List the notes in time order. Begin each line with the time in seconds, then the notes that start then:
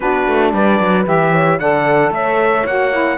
0.00 B3 D4 F#4 B4
0.27 A3
0.53 G3 B4 D5
0.79 F#3
1.06 E3 G4 E5
1.32 C#5
1.59 D3 A4 D5 F#5
2.10 A3 C#5 E5
2.65 A#3 F#4 F#5
2.92 E4